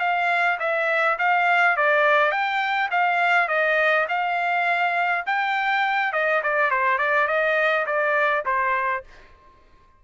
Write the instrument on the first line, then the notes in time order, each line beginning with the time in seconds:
trumpet
0.00 F5
0.60 E5
1.18 F5
1.77 D5
2.31 G5
2.91 F5
3.48 D#5
4.09 F5
5.26 G5
6.12 D#5
6.43 D5
6.70 C5
6.98 D5
7.27 D#5
7.86 D5
8.45 C5